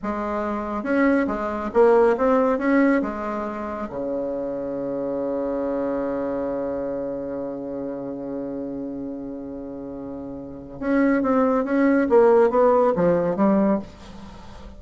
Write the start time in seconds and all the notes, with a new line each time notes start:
0.02 G#3
0.83 C#4
1.27 G#3
1.73 A#3
2.17 C4
2.58 C#4
3.02 G#3
3.89 C#3
10.80 C#4
11.22 C4
11.64 C#4
12.09 A#3
12.50 B3
12.95 F3
13.36 G3